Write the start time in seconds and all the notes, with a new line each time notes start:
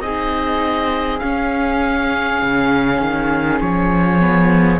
0.00 C4 D#4 G#4 D#5
1.19 C#4 F5
2.43 C#3
3.01 D#3
3.60 F3 C#5
4.20 B3